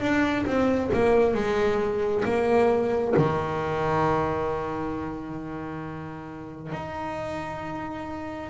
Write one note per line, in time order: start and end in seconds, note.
0.00 0.45 D4
0.46 0.90 C4
0.93 1.34 A#3
1.34 2.23 G#3
2.25 3.14 A#3
3.16 6.72 D#3
6.72 8.50 D#4